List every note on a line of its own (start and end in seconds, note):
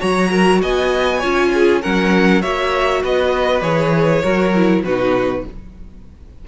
0.00 0.63 F#3
0.00 1.23 F#4
0.00 0.30 C#5
0.00 0.62 A#5
0.32 0.62 A#4
0.62 1.24 B3
0.62 1.19 D#5
0.62 1.82 G#5
1.19 1.84 C#4
1.19 1.82 F4
1.19 1.49 C#5
1.54 1.82 G#4
1.82 2.43 F#3
1.82 2.43 C#4
1.82 2.42 A#4
1.82 2.43 F#5
2.42 3.04 A#3
2.42 3.63 F#4
2.42 3.03 C#5
2.42 3.03 E5
3.03 3.62 B3
3.03 4.23 B4
3.03 3.63 D#5
3.62 4.23 E3
3.62 4.23 G#4
3.62 4.84 C#5
4.23 4.84 F#3
4.23 4.54 F#4
4.23 4.83 A#4
4.56 4.86 E4
4.84 5.45 B2
4.84 5.48 D#4
4.84 5.46 F#4
4.84 5.46 B4